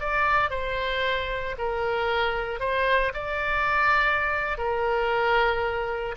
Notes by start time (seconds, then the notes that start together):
0.00 D5
0.50 C5
1.58 A#4
2.60 C5
3.14 D5
4.58 A#4